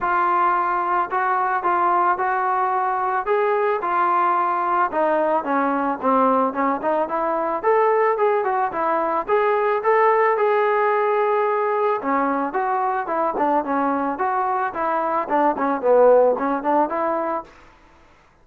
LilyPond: \new Staff \with { instrumentName = "trombone" } { \time 4/4 \tempo 4 = 110 f'2 fis'4 f'4 | fis'2 gis'4 f'4~ | f'4 dis'4 cis'4 c'4 | cis'8 dis'8 e'4 a'4 gis'8 fis'8 |
e'4 gis'4 a'4 gis'4~ | gis'2 cis'4 fis'4 | e'8 d'8 cis'4 fis'4 e'4 | d'8 cis'8 b4 cis'8 d'8 e'4 | }